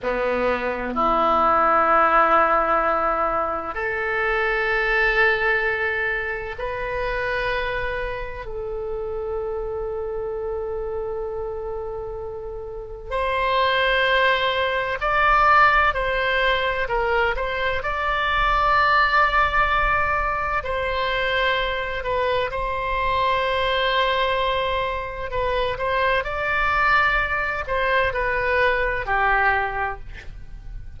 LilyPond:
\new Staff \with { instrumentName = "oboe" } { \time 4/4 \tempo 4 = 64 b4 e'2. | a'2. b'4~ | b'4 a'2.~ | a'2 c''2 |
d''4 c''4 ais'8 c''8 d''4~ | d''2 c''4. b'8 | c''2. b'8 c''8 | d''4. c''8 b'4 g'4 | }